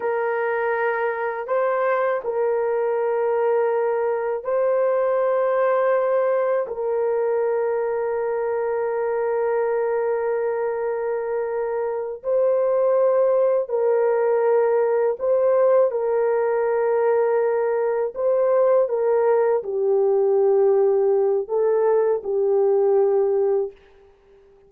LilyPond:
\new Staff \with { instrumentName = "horn" } { \time 4/4 \tempo 4 = 81 ais'2 c''4 ais'4~ | ais'2 c''2~ | c''4 ais'2.~ | ais'1~ |
ais'8 c''2 ais'4.~ | ais'8 c''4 ais'2~ ais'8~ | ais'8 c''4 ais'4 g'4.~ | g'4 a'4 g'2 | }